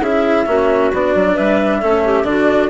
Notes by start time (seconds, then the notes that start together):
0.00 C#4 E4 G#4 E5
0.46 A#3 C#4 F#4
0.93 B3 D4 D5
1.15 F#3
1.33 G3 B4 E5
1.80 A3 C#4 A4
2.04 G4
2.23 D3 D4 F#4 D5